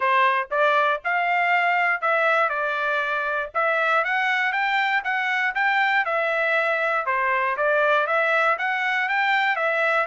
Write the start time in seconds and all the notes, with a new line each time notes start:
0.00 C5
0.50 D5
1.04 F5
2.01 E5
2.49 D5
3.54 E5
4.04 F#5
4.52 G5
5.04 F#5
5.54 G5
6.05 E5
7.06 C5
7.57 D5
8.06 E5
8.58 F#5
9.08 G5
9.56 E5